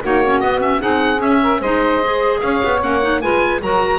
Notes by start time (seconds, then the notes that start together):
0.00 A#3 D#4 F#4 C#5
0.24 C#4
0.40 B3 D#5
0.60 C#4 E5
0.80 C4 D#4 G#4 F#5
1.16 C#4 E5
1.42 A#4
1.60 G#3 D#4 C5 D#5
2.03 G#4
2.40 C#4 C#5 F5
2.63 B3
2.80 A#3 C#4 F#5
3.01 D#4
3.21 G#3 F4 B4 G#5
3.60 F#3 F#4 A#4 A#5